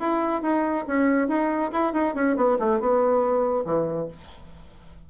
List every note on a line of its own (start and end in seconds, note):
0.00 0.42 E4
0.42 0.86 D#4
0.88 1.28 C#4
1.28 1.71 D#4
1.73 1.94 E4
1.94 2.15 D#4
2.15 2.37 C#4
2.37 2.58 B3
2.60 2.80 A3
2.80 3.65 B3
3.65 4.08 E3